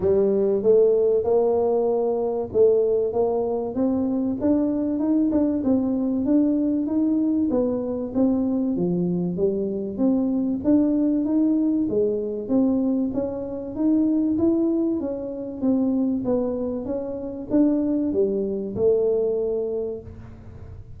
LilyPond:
\new Staff \with { instrumentName = "tuba" } { \time 4/4 \tempo 4 = 96 g4 a4 ais2 | a4 ais4 c'4 d'4 | dis'8 d'8 c'4 d'4 dis'4 | b4 c'4 f4 g4 |
c'4 d'4 dis'4 gis4 | c'4 cis'4 dis'4 e'4 | cis'4 c'4 b4 cis'4 | d'4 g4 a2 | }